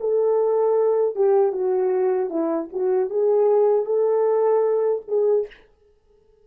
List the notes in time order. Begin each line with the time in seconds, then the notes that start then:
0.00 A4
1.15 G4
1.52 F#4
2.30 E4
2.73 F#4
3.10 G#4
3.85 A4
5.08 G#4